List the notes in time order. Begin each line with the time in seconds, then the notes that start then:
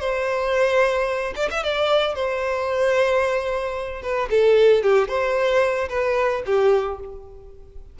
0.00 C5
1.36 D5
1.51 E5
1.64 D5
2.15 C5
4.03 B4
4.30 A4
4.83 G4
5.08 C5
5.89 B4
6.46 G4